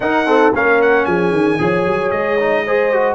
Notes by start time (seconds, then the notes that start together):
0.00 D#4 A#4 F#5
0.25 C4 A4
0.53 A#3 C#4 A#4 F5
0.81 F#5
1.05 F3 G#4 G#5
1.31 D#3
1.58 F3 G#4 C#5
1.86 F#3
2.10 G#3 D#5
2.39 D#4
2.65 G#4 C5
2.92 F#4